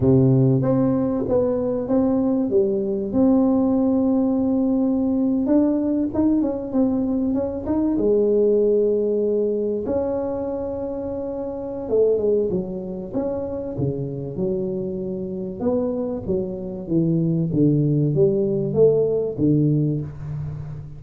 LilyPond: \new Staff \with { instrumentName = "tuba" } { \time 4/4 \tempo 4 = 96 c4 c'4 b4 c'4 | g4 c'2.~ | c'8. d'4 dis'8 cis'8 c'4 cis'16~ | cis'16 dis'8 gis2. cis'16~ |
cis'2. a8 gis8 | fis4 cis'4 cis4 fis4~ | fis4 b4 fis4 e4 | d4 g4 a4 d4 | }